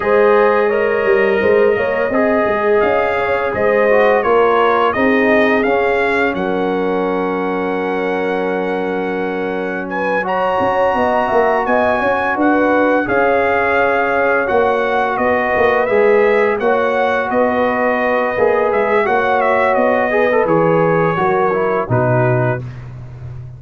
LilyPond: <<
  \new Staff \with { instrumentName = "trumpet" } { \time 4/4 \tempo 4 = 85 dis''1 | f''4 dis''4 cis''4 dis''4 | f''4 fis''2.~ | fis''2 gis''8 ais''4.~ |
ais''8 gis''4 fis''4 f''4.~ | f''8 fis''4 dis''4 e''4 fis''8~ | fis''8 dis''2 e''8 fis''8 e''8 | dis''4 cis''2 b'4 | }
  \new Staff \with { instrumentName = "horn" } { \time 4/4 c''4 cis''4 c''8 cis''8 dis''4~ | dis''8 cis''8 c''4 ais'4 gis'4~ | gis'4 ais'2.~ | ais'2 b'8 cis''4 dis''8 |
e''8 dis''8 cis''8 b'4 cis''4.~ | cis''4. b'2 cis''8~ | cis''8 b'2~ b'8 cis''4~ | cis''8 b'4. ais'4 fis'4 | }
  \new Staff \with { instrumentName = "trombone" } { \time 4/4 gis'4 ais'2 gis'4~ | gis'4. fis'8 f'4 dis'4 | cis'1~ | cis'2~ cis'8 fis'4.~ |
fis'2~ fis'8 gis'4.~ | gis'8 fis'2 gis'4 fis'8~ | fis'2 gis'4 fis'4~ | fis'8 gis'16 a'16 gis'4 fis'8 e'8 dis'4 | }
  \new Staff \with { instrumentName = "tuba" } { \time 4/4 gis4. g8 gis8 ais8 c'8 gis8 | cis'4 gis4 ais4 c'4 | cis'4 fis2.~ | fis2. cis'8 b8 |
ais8 b8 cis'8 d'4 cis'4.~ | cis'8 ais4 b8 ais8 gis4 ais8~ | ais8 b4. ais8 gis8 ais4 | b4 e4 fis4 b,4 | }
>>